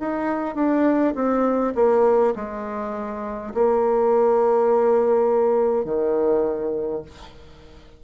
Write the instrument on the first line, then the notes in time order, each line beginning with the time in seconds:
bassoon
0.00 D#4
0.55 D4
1.16 C4
1.75 A#3
2.35 G#3
3.55 A#3
5.85 D#3